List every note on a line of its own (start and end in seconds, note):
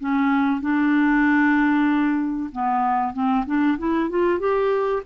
0.00 0.61 C#4
0.61 2.50 D4
2.52 3.13 B3
3.13 3.45 C4
3.47 3.78 D4
3.78 4.10 E4
4.10 4.40 F4
4.40 5.03 G4